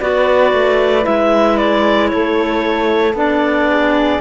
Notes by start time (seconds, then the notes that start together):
0.00 B3 F#4 B4 D5
0.53 A3
1.02 G#3 E4 E5
1.58 D5
2.09 A3 A4 C#5
3.14 B3 D4 D5
3.70 G#4